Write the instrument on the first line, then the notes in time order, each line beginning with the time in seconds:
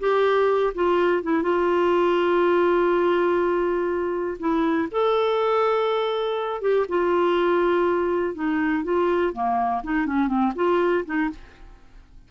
clarinet
0.00 G4
0.75 F4
1.23 E4
1.43 F4
4.40 E4
4.92 A4
6.62 G4
6.89 F4
8.35 D#4
8.84 F4
9.34 A#3
9.84 D#4
10.07 C#4
10.28 C4
10.56 F4
11.06 D#4